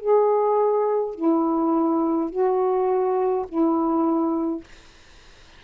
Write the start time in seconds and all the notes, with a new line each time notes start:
0.00 G#4
1.14 E4
2.30 F#4
3.48 E4